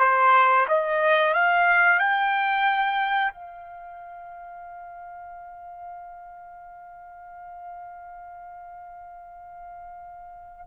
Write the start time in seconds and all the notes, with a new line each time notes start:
0.00 C5
0.69 D#5
1.34 F5
2.00 G5
3.32 F5